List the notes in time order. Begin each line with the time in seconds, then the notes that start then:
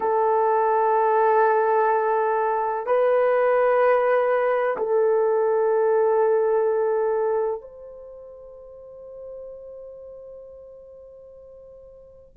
0.00 A4
2.86 B4
4.77 A4
7.61 C5